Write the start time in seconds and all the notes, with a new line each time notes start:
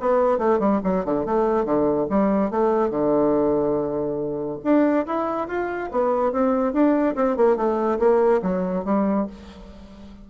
0.00 B3
0.38 A3
0.59 G3
0.84 F#3
1.04 D3
1.25 A3
1.65 D3
2.10 G3
2.50 A3
2.90 D3
4.63 D4
5.06 E4
5.48 F4
5.91 B3
6.32 C4
6.73 D4
7.15 C4
7.37 A#3
7.56 A3
7.99 A#3
8.42 F#3
8.84 G3